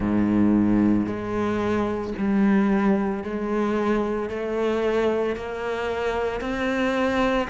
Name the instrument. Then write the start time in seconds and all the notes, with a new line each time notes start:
cello
0.00 G#2
1.06 G#3
2.17 G3
3.23 G#3
4.29 A3
5.36 A#3
6.40 C4